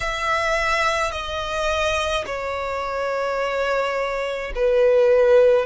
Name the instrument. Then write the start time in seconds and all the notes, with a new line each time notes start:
violin
0.00 E5
1.11 D#5
2.25 C#5
4.55 B4